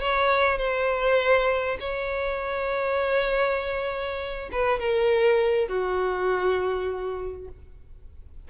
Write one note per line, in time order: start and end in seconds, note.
0.00 0.58 C#5
0.58 1.78 C5
1.79 4.49 C#5
4.51 4.79 B4
4.79 5.68 A#4
5.68 7.48 F#4